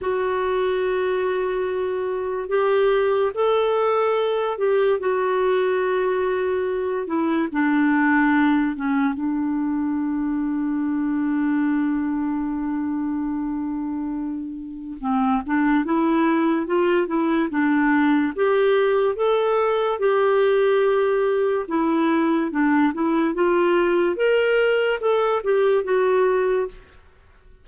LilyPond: \new Staff \with { instrumentName = "clarinet" } { \time 4/4 \tempo 4 = 72 fis'2. g'4 | a'4. g'8 fis'2~ | fis'8 e'8 d'4. cis'8 d'4~ | d'1~ |
d'2 c'8 d'8 e'4 | f'8 e'8 d'4 g'4 a'4 | g'2 e'4 d'8 e'8 | f'4 ais'4 a'8 g'8 fis'4 | }